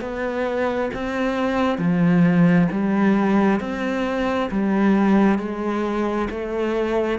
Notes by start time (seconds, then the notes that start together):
0.00 B3
0.94 C4
1.77 F3
2.71 G3
3.60 C4
4.51 G3
5.38 G#3
6.30 A3